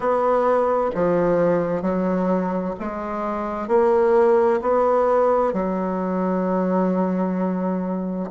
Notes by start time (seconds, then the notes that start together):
0.00 B3
0.94 F3
1.82 F#3
2.79 G#3
3.68 A#3
4.62 B3
5.53 F#3